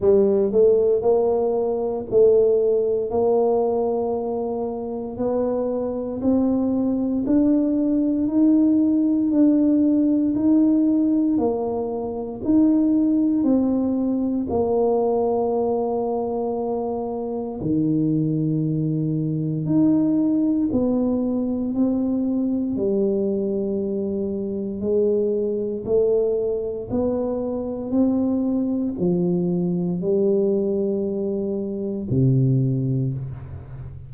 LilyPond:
\new Staff \with { instrumentName = "tuba" } { \time 4/4 \tempo 4 = 58 g8 a8 ais4 a4 ais4~ | ais4 b4 c'4 d'4 | dis'4 d'4 dis'4 ais4 | dis'4 c'4 ais2~ |
ais4 dis2 dis'4 | b4 c'4 g2 | gis4 a4 b4 c'4 | f4 g2 c4 | }